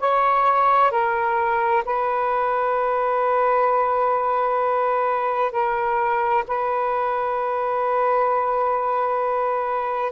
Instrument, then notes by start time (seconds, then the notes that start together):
saxophone
0.00 C#5
0.91 A#4
1.85 B4
5.52 A#4
6.47 B4